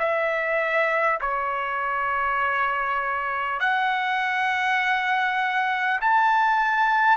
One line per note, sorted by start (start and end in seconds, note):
0.00 1.20 E5
1.21 3.61 C#5
3.61 6.01 F#5
6.01 7.18 A5